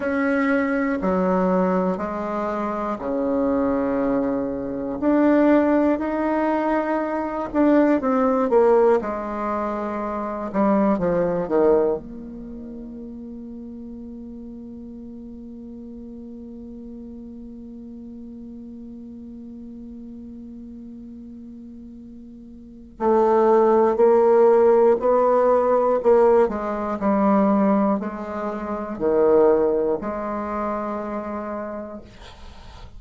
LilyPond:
\new Staff \with { instrumentName = "bassoon" } { \time 4/4 \tempo 4 = 60 cis'4 fis4 gis4 cis4~ | cis4 d'4 dis'4. d'8 | c'8 ais8 gis4. g8 f8 dis8 | ais1~ |
ais1~ | ais2. a4 | ais4 b4 ais8 gis8 g4 | gis4 dis4 gis2 | }